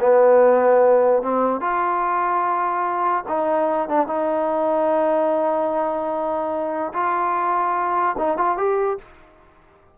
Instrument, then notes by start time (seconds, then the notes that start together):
trombone
0.00 B3
1.22 C4
1.60 F4
3.28 D#4
3.88 D4
4.07 D#4
6.93 F4
8.18 D#4
8.37 F4
8.57 G4